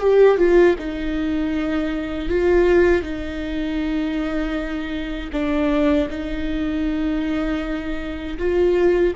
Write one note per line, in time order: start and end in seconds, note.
0.00 0.37 G4
0.37 0.75 F4
0.78 2.29 D#4
2.29 3.02 F4
3.02 5.30 D#4
5.32 6.08 D4
6.09 8.37 D#4
8.38 9.13 F4